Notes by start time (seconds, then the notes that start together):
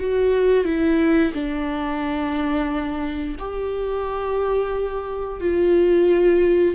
0.00 F#4
0.65 E4
1.34 D4
3.39 G4
5.41 F4